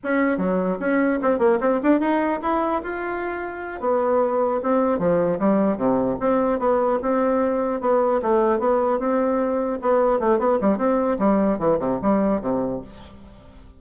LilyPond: \new Staff \with { instrumentName = "bassoon" } { \time 4/4 \tempo 4 = 150 cis'4 fis4 cis'4 c'8 ais8 | c'8 d'8 dis'4 e'4 f'4~ | f'4. b2 c'8~ | c'8 f4 g4 c4 c'8~ |
c'8 b4 c'2 b8~ | b8 a4 b4 c'4.~ | c'8 b4 a8 b8 g8 c'4 | g4 e8 c8 g4 c4 | }